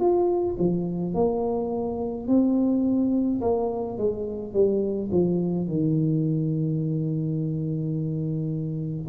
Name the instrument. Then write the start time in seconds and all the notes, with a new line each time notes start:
tuba
0.00 F4
0.59 F3
1.14 A#3
2.27 C4
3.41 A#3
3.98 G#3
4.53 G3
5.11 F3
5.68 D#3